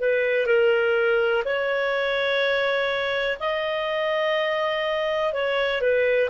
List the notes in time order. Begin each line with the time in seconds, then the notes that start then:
0.00 B4
0.47 A#4
1.45 C#5
3.40 D#5
5.33 C#5
5.82 B4